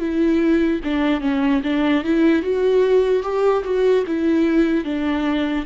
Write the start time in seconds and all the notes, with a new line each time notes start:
0.00 E4
0.84 D4
1.21 C#4
1.64 D4
2.04 E4
2.43 F#4
3.23 G4
3.64 F#4
4.07 E4
4.85 D4